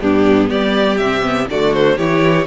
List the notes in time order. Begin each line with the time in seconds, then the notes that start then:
0.00 G2 B3 D4 G4
0.49 G3 G4 D5
0.97 C3 C4 E5
1.22 B3
1.48 D3 A3 F#4 D5
1.73 C5
1.96 E3 E4 G4 C#5